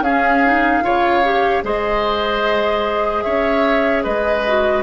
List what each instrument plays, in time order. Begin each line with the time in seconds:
0.00 bassoon C#4, clarinet C#4, oboe G#4, flute F5
0.45 clarinet D#4
0.83 bassoon C#3, clarinet F4, oboe C#5
1.24 clarinet G4
1.63 bassoon G#3, clarinet G#4, oboe C5, flute D#5
3.22 bassoon C#4, oboe C#5, flute E5
4.03 bassoon G#3, oboe B4, flute D#5
4.47 clarinet F#4